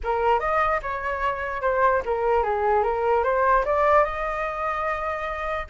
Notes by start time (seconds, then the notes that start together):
0.03 A#4
0.39 D#5
0.82 C#5
1.61 C5
2.05 A#4
2.43 G#4
2.83 A#4
3.23 C5
3.65 D5
4.04 D#5